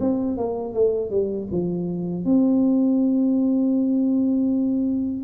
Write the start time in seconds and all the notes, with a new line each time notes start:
0.00 C4
0.38 A#3
0.74 A3
1.11 G3
1.52 F3
2.25 C4